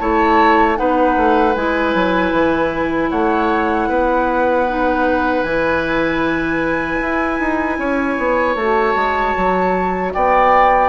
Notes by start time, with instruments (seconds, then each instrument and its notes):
0.00 bassoon A3, clarinet E4, oboe C#5, flute A5
0.76 bassoon B3, clarinet D#4, oboe B4, flute F#5
1.17 bassoon A3
1.55 bassoon G#3, clarinet E4, flute G#5
1.95 bassoon F#3
2.32 bassoon E3
3.11 bassoon A3, oboe C#5, flute F#5
3.89 bassoon B3, oboe B4
4.68 clarinet D#4
5.43 bassoon E3, clarinet E4, flute G#5
7.01 bassoon E4
7.40 bassoon D#4
7.79 bassoon C#4, oboe C#5
8.18 bassoon B3
8.56 bassoon A3, clarinet F#4, flute A5
8.95 bassoon G#3
9.37 bassoon F#3
10.14 bassoon B3, oboe D5, flute G5